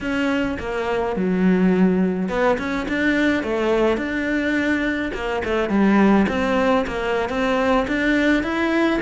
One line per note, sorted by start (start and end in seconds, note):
0.00 0.57 C#4
0.59 1.16 A#3
1.16 2.29 F#3
2.29 2.57 B3
2.58 2.86 C#4
2.88 3.43 D4
3.43 3.97 A3
3.97 5.11 D4
5.13 5.42 A#3
5.44 5.69 A3
5.69 6.26 G3
6.28 6.85 C4
6.86 7.29 A#3
7.29 7.86 C4
7.87 8.43 D4
8.43 9.00 E4